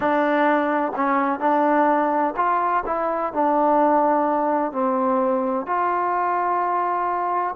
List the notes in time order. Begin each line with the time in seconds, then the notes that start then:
0.00 D4
0.95 C#4
1.39 D4
2.36 F4
2.86 E4
3.33 D4
4.72 C4
5.66 F4